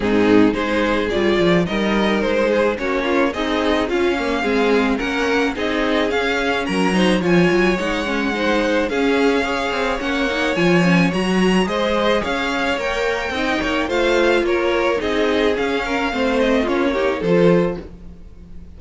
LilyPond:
<<
  \new Staff \with { instrumentName = "violin" } { \time 4/4 \tempo 4 = 108 gis'4 c''4 d''4 dis''4 | c''4 cis''4 dis''4 f''4~ | f''4 fis''4 dis''4 f''4 | ais''4 gis''4 fis''2 |
f''2 fis''4 gis''4 | ais''4 dis''4 f''4 g''4~ | g''4 f''4 cis''4 dis''4 | f''4. dis''8 cis''4 c''4 | }
  \new Staff \with { instrumentName = "violin" } { \time 4/4 dis'4 gis'2 ais'4~ | ais'8 gis'8 fis'8 f'8 dis'4 cis'4 | gis'4 ais'4 gis'2 | ais'8 c''8 cis''2 c''4 |
gis'4 cis''2.~ | cis''4 c''4 cis''2 | dis''8 cis''8 c''4 ais'4 gis'4~ | gis'8 ais'8 c''4 f'8 g'8 a'4 | }
  \new Staff \with { instrumentName = "viola" } { \time 4/4 c'4 dis'4 f'4 dis'4~ | dis'4 cis'4 gis'4 f'8 ais8 | c'4 cis'4 dis'4 cis'4~ | cis'8 dis'8 f'4 dis'8 cis'8 dis'4 |
cis'4 gis'4 cis'8 dis'8 f'8 cis'8 | fis'4 gis'2 ais'4 | dis'4 f'2 dis'4 | cis'4 c'4 cis'8 dis'8 f'4 | }
  \new Staff \with { instrumentName = "cello" } { \time 4/4 gis,4 gis4 g8 f8 g4 | gis4 ais4 c'4 cis'4 | gis4 ais4 c'4 cis'4 | fis4 f8 fis8 gis2 |
cis'4. c'8 ais4 f4 | fis4 gis4 cis'4 ais4 | c'8 ais8 a4 ais4 c'4 | cis'4 a4 ais4 f4 | }
>>